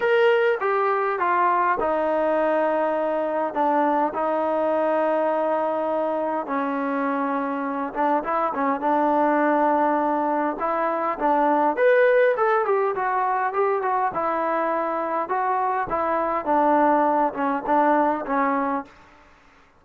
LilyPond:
\new Staff \with { instrumentName = "trombone" } { \time 4/4 \tempo 4 = 102 ais'4 g'4 f'4 dis'4~ | dis'2 d'4 dis'4~ | dis'2. cis'4~ | cis'4. d'8 e'8 cis'8 d'4~ |
d'2 e'4 d'4 | b'4 a'8 g'8 fis'4 g'8 fis'8 | e'2 fis'4 e'4 | d'4. cis'8 d'4 cis'4 | }